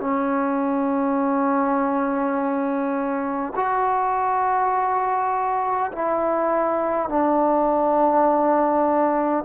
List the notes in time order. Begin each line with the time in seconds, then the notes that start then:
0.00 C#4
3.56 F#4
5.92 E4
7.09 D4